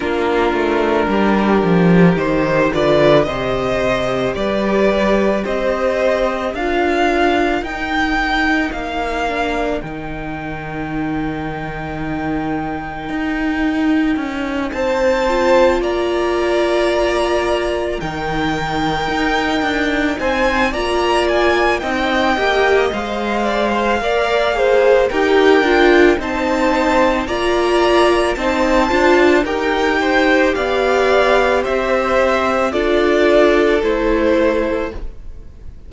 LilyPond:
<<
  \new Staff \with { instrumentName = "violin" } { \time 4/4 \tempo 4 = 55 ais'2 c''8 d''8 dis''4 | d''4 dis''4 f''4 g''4 | f''4 g''2.~ | g''4. a''4 ais''4.~ |
ais''8 g''2 gis''8 ais''8 gis''8 | g''4 f''2 g''4 | a''4 ais''4 a''4 g''4 | f''4 e''4 d''4 c''4 | }
  \new Staff \with { instrumentName = "violin" } { \time 4/4 f'4 g'4. b'8 c''4 | b'4 c''4 ais'2~ | ais'1~ | ais'4. c''4 d''4.~ |
d''8 ais'2 c''8 d''4 | dis''4. d''16 c''16 d''8 c''8 ais'4 | c''4 d''4 c''4 ais'8 c''8 | d''4 c''4 a'2 | }
  \new Staff \with { instrumentName = "viola" } { \time 4/4 d'2 dis'8 f'8 g'4~ | g'2 f'4 dis'4~ | dis'8 d'8 dis'2.~ | dis'2 f'2~ |
f'8 dis'2~ dis'8 f'4 | dis'8 g'8 c''4 ais'8 gis'8 g'8 f'8 | dis'4 f'4 dis'8 f'8 g'4~ | g'2 f'4 e'4 | }
  \new Staff \with { instrumentName = "cello" } { \time 4/4 ais8 a8 g8 f8 dis8 d8 c4 | g4 c'4 d'4 dis'4 | ais4 dis2. | dis'4 cis'8 c'4 ais4.~ |
ais8 dis4 dis'8 d'8 c'8 ais4 | c'8 ais8 gis4 ais4 dis'8 d'8 | c'4 ais4 c'8 d'8 dis'4 | b4 c'4 d'4 a4 | }
>>